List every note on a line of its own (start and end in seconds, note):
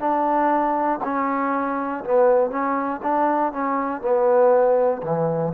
0.00 1.00 D4
1.04 2.04 C#4
2.05 2.51 B3
2.51 3.01 C#4
3.03 3.53 D4
3.53 4.02 C#4
4.02 5.02 B3
5.03 5.53 E3